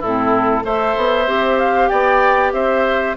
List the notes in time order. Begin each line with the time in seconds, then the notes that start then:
0.00 A2 E4 A4
0.07 C4
0.63 A3 A4 C5 E5
0.96 B3
1.27 C4 G4
1.59 F5
1.89 B3 D5 G5
2.53 C4 C5 E5